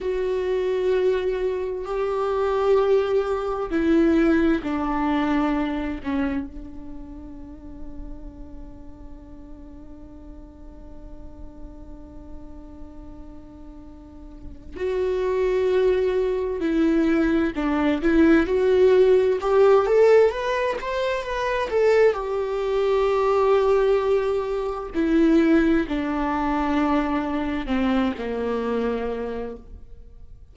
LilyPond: \new Staff \with { instrumentName = "viola" } { \time 4/4 \tempo 4 = 65 fis'2 g'2 | e'4 d'4. cis'8 d'4~ | d'1~ | d'1 |
fis'2 e'4 d'8 e'8 | fis'4 g'8 a'8 b'8 c''8 b'8 a'8 | g'2. e'4 | d'2 c'8 ais4. | }